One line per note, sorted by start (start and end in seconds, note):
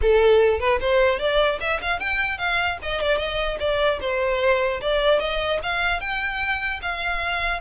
0.01 0.59 A4
0.59 0.79 B4
0.80 1.19 C5
1.19 1.59 D5
1.60 1.80 E5
1.81 1.99 F5
1.99 2.37 G5
2.37 2.77 F5
2.82 3.00 D#5
3.00 3.17 D5
3.17 3.57 D#5
3.59 3.99 D5
4.00 4.80 C5
4.81 5.19 D5
5.19 5.59 D#5
5.62 6.00 F5
6.00 6.80 G5
6.82 7.60 F5